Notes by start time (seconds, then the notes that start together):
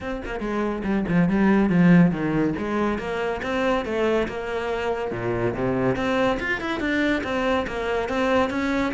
0.00 C4
0.25 A#3
0.39 G#3
0.84 G3
1.08 F3
1.28 G3
1.69 F3
2.11 D#3
2.58 G#3
2.98 A#3
3.42 C4
3.85 A3
4.28 A#3
5.11 A#2
5.54 C3
5.96 C4
6.39 F4
6.61 E4
6.80 D4
7.23 C4
7.67 A#3
8.09 C4
8.50 C#4